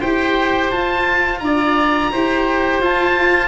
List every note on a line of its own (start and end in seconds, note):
0.00 0.73 E4
0.00 0.72 G4
0.00 1.40 C5
0.00 0.70 G5
0.71 2.12 F4
0.71 1.41 F4
0.71 1.39 A5
1.39 2.11 D4
1.39 2.12 D5
1.39 2.79 A#5
2.12 2.80 E4
2.12 2.82 G4
2.12 3.48 C5
2.80 3.48 F4
2.80 3.48 A5